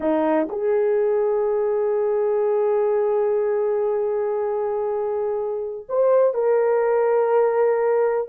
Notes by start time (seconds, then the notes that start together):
0.00 D#4
0.49 G#4
5.88 C5
6.33 A#4